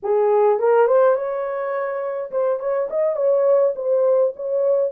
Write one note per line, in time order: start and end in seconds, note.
0.03 0.59 G#4
0.59 0.87 A#4
0.87 1.15 C5
1.15 2.31 C#5
2.31 2.59 C5
2.59 2.88 C#5
2.90 3.16 D#5
3.16 3.73 C#5
3.75 4.33 C5
4.36 4.91 C#5